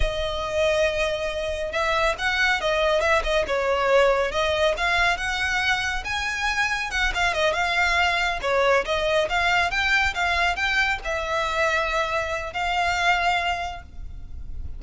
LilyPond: \new Staff \with { instrumentName = "violin" } { \time 4/4 \tempo 4 = 139 dis''1 | e''4 fis''4 dis''4 e''8 dis''8 | cis''2 dis''4 f''4 | fis''2 gis''2 |
fis''8 f''8 dis''8 f''2 cis''8~ | cis''8 dis''4 f''4 g''4 f''8~ | f''8 g''4 e''2~ e''8~ | e''4 f''2. | }